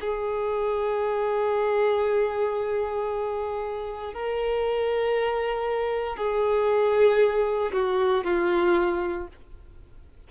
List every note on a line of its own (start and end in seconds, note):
0.00 4.13 G#4
4.13 6.16 A#4
6.16 7.72 G#4
7.73 8.24 F#4
8.24 9.27 F4